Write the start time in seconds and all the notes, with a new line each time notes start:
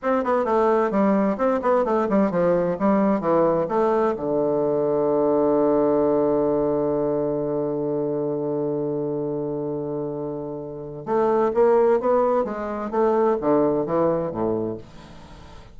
0.02 C4
0.24 B3
0.44 A3
0.90 G3
1.37 C4
1.62 B3
1.85 A3
2.09 G3
2.31 F3
2.79 G3
3.20 E3
3.68 A3
4.16 D3
11.05 A3
11.54 A#3
11.99 B3
12.44 G#3
12.90 A3
13.41 D3
13.86 E3
14.31 A2